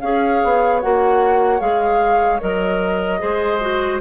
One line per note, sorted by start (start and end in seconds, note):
0.00 0.42 C#4
0.00 0.82 G#4
0.00 3.21 C#5
0.00 0.80 F5
0.44 0.84 B3
0.80 1.60 A#3
0.80 1.59 F#4
0.80 1.60 F#5
1.59 2.40 G#3
1.59 2.39 G#4
1.59 2.40 F5
2.40 3.22 F#3
2.40 3.19 A#4
2.40 4.01 D#5
3.19 4.01 G#3
3.19 3.59 G#4
3.19 4.01 C5
3.61 4.00 F#4